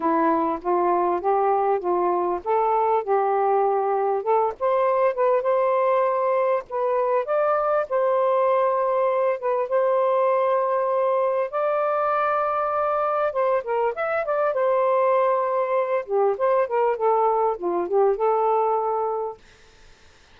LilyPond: \new Staff \with { instrumentName = "saxophone" } { \time 4/4 \tempo 4 = 99 e'4 f'4 g'4 f'4 | a'4 g'2 a'8 c''8~ | c''8 b'8 c''2 b'4 | d''4 c''2~ c''8 b'8 |
c''2. d''4~ | d''2 c''8 ais'8 e''8 d''8 | c''2~ c''8 g'8 c''8 ais'8 | a'4 f'8 g'8 a'2 | }